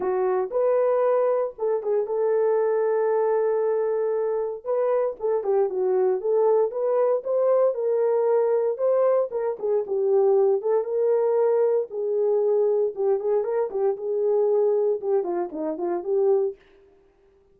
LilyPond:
\new Staff \with { instrumentName = "horn" } { \time 4/4 \tempo 4 = 116 fis'4 b'2 a'8 gis'8 | a'1~ | a'4 b'4 a'8 g'8 fis'4 | a'4 b'4 c''4 ais'4~ |
ais'4 c''4 ais'8 gis'8 g'4~ | g'8 a'8 ais'2 gis'4~ | gis'4 g'8 gis'8 ais'8 g'8 gis'4~ | gis'4 g'8 f'8 dis'8 f'8 g'4 | }